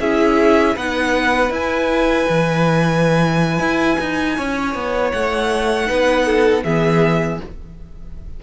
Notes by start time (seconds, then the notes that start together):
0.00 C#4 E4 G#4 E5
0.76 B3 D#4 B4 F#5
1.50 E4 G#5
2.30 E3
3.60 E4
4.01 D#4
4.37 C#4 C#5
4.75 B3
5.12 A3 F#5
5.87 B3 D#4 B4
6.26 A4
6.64 E3 B3 G#4 E5